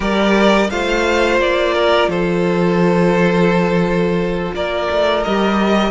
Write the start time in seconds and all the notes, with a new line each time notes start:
0.00 G3 G4 A#4 D5
0.69 A3 F4 C5 F5
1.39 A#3 D5
1.74 A#4
2.08 F3 A4 C5
4.53 A#3 A#4 D5
4.90 A3
5.23 G3 G4 D#5